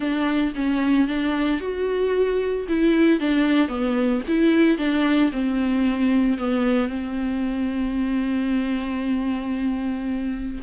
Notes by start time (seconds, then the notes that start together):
0.00 D4
0.55 C#4
1.07 D4
1.60 F#4
2.68 E4
3.20 D4
3.68 B3
4.27 E4
4.78 D4
5.31 C4
6.38 B3
6.88 C4